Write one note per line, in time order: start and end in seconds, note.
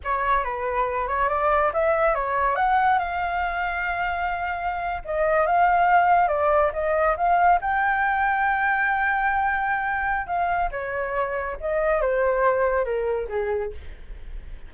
0.04 0.44 C#5
0.44 1.07 B4
1.07 1.29 C#5
1.29 1.71 D5
1.73 2.14 E5
2.14 2.55 C#5
2.55 2.98 F#5
2.98 5.02 F5
5.05 5.46 D#5
5.46 6.28 F5
6.28 6.71 D5
6.73 7.16 D#5
7.16 7.59 F5
7.61 10.26 G5
10.26 10.69 F5
10.71 11.57 C#5
11.60 12.01 D#5
12.01 12.84 C5
12.84 13.27 A#4
13.29 13.71 G#4